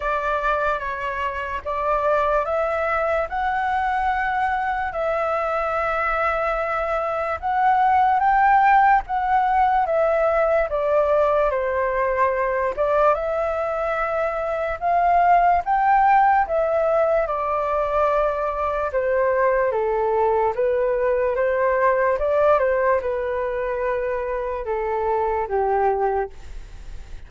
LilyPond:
\new Staff \with { instrumentName = "flute" } { \time 4/4 \tempo 4 = 73 d''4 cis''4 d''4 e''4 | fis''2 e''2~ | e''4 fis''4 g''4 fis''4 | e''4 d''4 c''4. d''8 |
e''2 f''4 g''4 | e''4 d''2 c''4 | a'4 b'4 c''4 d''8 c''8 | b'2 a'4 g'4 | }